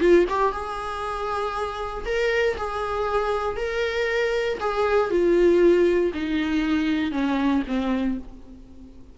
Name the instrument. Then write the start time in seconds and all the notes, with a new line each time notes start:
viola
0.00 F4
0.29 G4
0.52 G#4
2.05 A#4
2.57 G#4
3.57 A#4
4.60 G#4
5.11 F4
6.14 D#4
7.12 C#4
7.67 C4